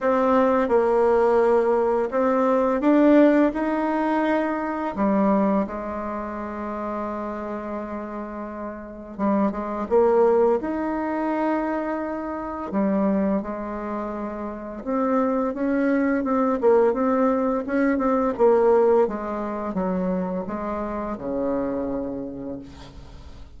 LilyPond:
\new Staff \with { instrumentName = "bassoon" } { \time 4/4 \tempo 4 = 85 c'4 ais2 c'4 | d'4 dis'2 g4 | gis1~ | gis4 g8 gis8 ais4 dis'4~ |
dis'2 g4 gis4~ | gis4 c'4 cis'4 c'8 ais8 | c'4 cis'8 c'8 ais4 gis4 | fis4 gis4 cis2 | }